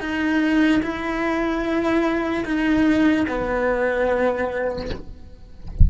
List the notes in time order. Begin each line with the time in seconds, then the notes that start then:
0.00 D#4
0.83 E4
2.45 D#4
3.28 B3